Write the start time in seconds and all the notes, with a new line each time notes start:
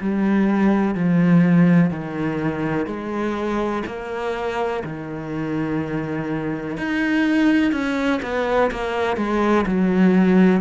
0.00 G3
0.95 F3
1.90 D#3
2.86 G#3
3.86 A#3
4.84 D#3
6.77 D#4
7.72 C#4
8.22 B3
8.71 A#3
9.16 G#3
9.66 F#3